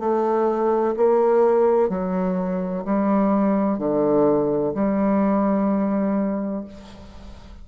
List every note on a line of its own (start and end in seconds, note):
0.00 0.95 A3
0.97 1.89 A#3
1.89 2.84 F#3
2.85 3.78 G3
3.78 4.74 D3
4.74 6.65 G3